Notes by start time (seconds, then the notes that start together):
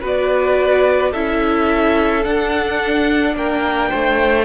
0.00 B3 F#4 B4
0.06 D5
1.11 C#4 E4 A4 E5
2.23 D4 F#5
3.34 A#3 A#4 G5
3.89 A3 C5